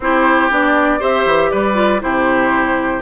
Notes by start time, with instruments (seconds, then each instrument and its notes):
0.00 bassoon C4, clarinet E4, oboe G4, flute C5
0.50 bassoon B3, clarinet D4, flute D5
0.99 bassoon C4, clarinet G4, oboe C5, flute E5
1.25 bassoon E3
1.50 bassoon G3, oboe B4, flute D5
1.74 clarinet F4
2.01 bassoon C3, clarinet E4, oboe G4, flute C5